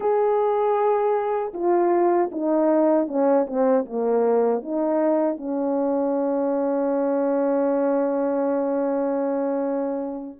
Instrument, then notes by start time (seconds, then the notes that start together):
horn
0.00 G#4
1.53 F4
2.31 D#4
3.07 C#4
3.46 C4
3.85 A#3
4.62 D#4
5.37 C#4